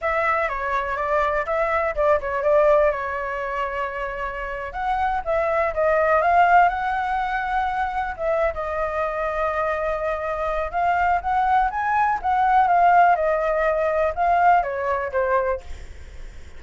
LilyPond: \new Staff \with { instrumentName = "flute" } { \time 4/4 \tempo 4 = 123 e''4 cis''4 d''4 e''4 | d''8 cis''8 d''4 cis''2~ | cis''4.~ cis''16 fis''4 e''4 dis''16~ | dis''8. f''4 fis''2~ fis''16~ |
fis''8. e''8. dis''2~ dis''8~ | dis''2 f''4 fis''4 | gis''4 fis''4 f''4 dis''4~ | dis''4 f''4 cis''4 c''4 | }